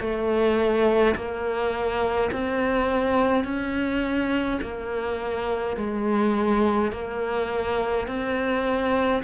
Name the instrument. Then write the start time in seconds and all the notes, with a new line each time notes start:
cello
0.00 A3
1.15 A#3
2.32 C4
3.44 C#4
4.62 A#3
5.76 G#3
6.92 A#3
8.07 C4